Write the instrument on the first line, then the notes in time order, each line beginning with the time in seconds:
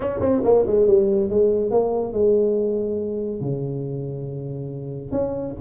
tuba
0.00 C#4
0.20 C4
0.44 A#3
0.66 G#3
0.87 G3
1.29 G#3
1.70 A#3
2.12 G#3
3.40 C#3
5.11 C#4